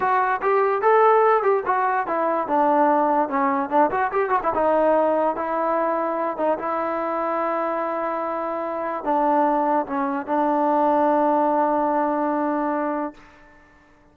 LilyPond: \new Staff \with { instrumentName = "trombone" } { \time 4/4 \tempo 4 = 146 fis'4 g'4 a'4. g'8 | fis'4 e'4 d'2 | cis'4 d'8 fis'8 g'8 fis'16 e'16 dis'4~ | dis'4 e'2~ e'8 dis'8 |
e'1~ | e'2 d'2 | cis'4 d'2.~ | d'1 | }